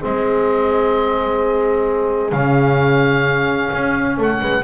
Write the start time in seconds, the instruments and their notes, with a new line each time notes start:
0.00 double bass G#3, trombone C4, horn G#4, oboe D#5
2.32 double bass C#3, trombone C#4, oboe F5
3.73 double bass C#4
4.18 double bass A3, horn A4, oboe F#5
4.41 double bass G#3, horn B4